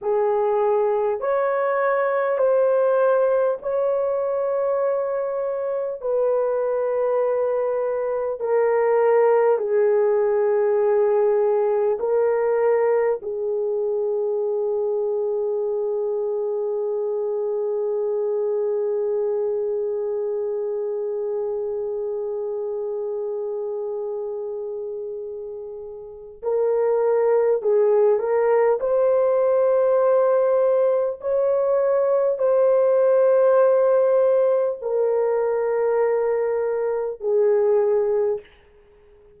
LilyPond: \new Staff \with { instrumentName = "horn" } { \time 4/4 \tempo 4 = 50 gis'4 cis''4 c''4 cis''4~ | cis''4 b'2 ais'4 | gis'2 ais'4 gis'4~ | gis'1~ |
gis'1~ | gis'2 ais'4 gis'8 ais'8 | c''2 cis''4 c''4~ | c''4 ais'2 gis'4 | }